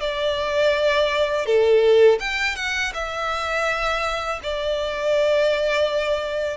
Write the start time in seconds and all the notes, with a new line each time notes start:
0.00 D5
1.46 A4
2.20 G5
2.55 F#5
2.93 E5
4.43 D5